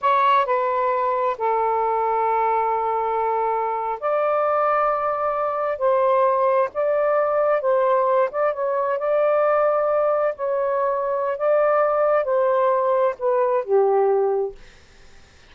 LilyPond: \new Staff \with { instrumentName = "saxophone" } { \time 4/4 \tempo 4 = 132 cis''4 b'2 a'4~ | a'1~ | a'8. d''2.~ d''16~ | d''8. c''2 d''4~ d''16~ |
d''8. c''4. d''8 cis''4 d''16~ | d''2~ d''8. cis''4~ cis''16~ | cis''4 d''2 c''4~ | c''4 b'4 g'2 | }